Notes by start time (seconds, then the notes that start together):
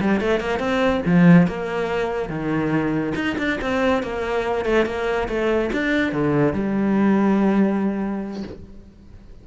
0.00 G3
0.20 A3
0.40 A#3
0.59 C4
1.05 F3
1.47 A#3
2.29 D#3
3.15 D#4
3.38 D4
3.61 C4
4.03 A#3
4.65 A3
4.85 A#3
5.28 A3
5.72 D4
6.12 D3
6.53 G3